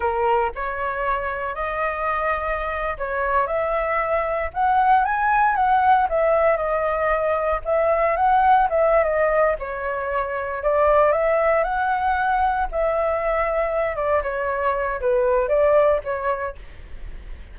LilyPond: \new Staff \with { instrumentName = "flute" } { \time 4/4 \tempo 4 = 116 ais'4 cis''2 dis''4~ | dis''4.~ dis''16 cis''4 e''4~ e''16~ | e''8. fis''4 gis''4 fis''4 e''16~ | e''8. dis''2 e''4 fis''16~ |
fis''8. e''8. dis''4 cis''4.~ | cis''8 d''4 e''4 fis''4.~ | fis''8 e''2~ e''8 d''8 cis''8~ | cis''4 b'4 d''4 cis''4 | }